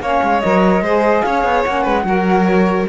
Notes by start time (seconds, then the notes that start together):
0.00 A#3 C#4 C#5 F5
0.23 G#3
0.41 F#3 A#4 D#5
0.81 G#3 G#4 C5
1.22 C#4 C#5 F5
1.44 B3
1.64 A#3 C#4 F#5
1.83 G#3 B4
2.05 F#3 F#4 A#4
2.45 C#5